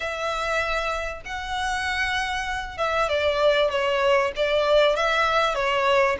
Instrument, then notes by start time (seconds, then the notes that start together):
violin
0.00 E5
1.25 F#5
2.77 E5
3.08 D5
3.70 C#5
4.36 D5
4.95 E5
5.54 C#5